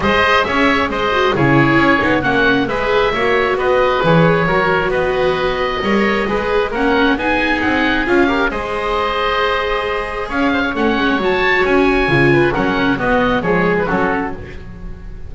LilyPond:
<<
  \new Staff \with { instrumentName = "oboe" } { \time 4/4 \tempo 4 = 134 dis''4 e''4 dis''4 cis''4~ | cis''4 fis''4 e''2 | dis''4 cis''2 dis''4~ | dis''2. fis''4 |
gis''4 fis''4 f''4 dis''4~ | dis''2. f''4 | fis''4 a''4 gis''2 | fis''4 dis''4 cis''8. b'16 a'4 | }
  \new Staff \with { instrumentName = "oboe" } { \time 4/4 c''4 cis''4 c''4 gis'4~ | gis'4 fis'4 b'4 cis''4 | b'2 ais'4 b'4~ | b'4 cis''4 b'4 ais'4 |
gis'2~ gis'8 ais'8 c''4~ | c''2. cis''8 c''16 cis''16~ | cis''2.~ cis''8 b'8 | ais'4 fis'4 gis'4 fis'4 | }
  \new Staff \with { instrumentName = "viola" } { \time 4/4 gis'2~ gis'8 fis'8 e'4~ | e'8 dis'8 cis'4 gis'4 fis'4~ | fis'4 gis'4 fis'2~ | fis'4 ais'4 gis'4 cis'4 |
dis'2 f'8 g'8 gis'4~ | gis'1 | cis'4 fis'2 f'4 | cis'4 b4 gis4 cis'4 | }
  \new Staff \with { instrumentName = "double bass" } { \time 4/4 gis4 cis'4 gis4 cis4 | cis'8 b8 ais4 gis4 ais4 | b4 e4 fis4 b4~ | b4 g4 gis4 ais4 |
b4 c'4 cis'4 gis4~ | gis2. cis'4 | a8 gis8 fis4 cis'4 cis4 | fis4 b4 f4 fis4 | }
>>